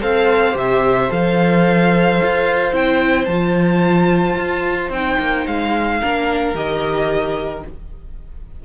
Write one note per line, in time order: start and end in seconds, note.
0.00 0.55 C4
0.00 0.53 A4
0.00 6.00 C5
0.00 0.57 F5
0.53 1.10 C3
0.53 1.07 G4
0.53 1.12 E5
1.09 2.21 F3
1.09 2.72 A4
1.09 2.75 F5
2.23 2.73 F4
2.72 3.27 C4
2.72 3.27 E4
2.72 3.25 G5
3.25 4.36 F3
3.25 4.93 F4
3.25 4.89 A5
4.37 4.90 F4
4.90 5.17 C4
4.90 6.02 D#4
4.90 5.47 G5
5.19 5.46 A#3
5.47 6.02 G#3
5.47 6.56 F5
6.00 6.55 A#3
6.00 6.55 D4
6.00 7.64 A#4
6.55 7.64 D#3
6.55 7.64 G4
6.55 7.65 D#5